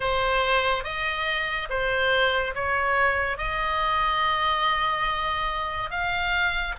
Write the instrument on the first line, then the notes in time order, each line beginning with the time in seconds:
oboe
0.00 C5
0.84 D#5
1.69 C5
2.54 C#5
3.37 D#5
5.90 F5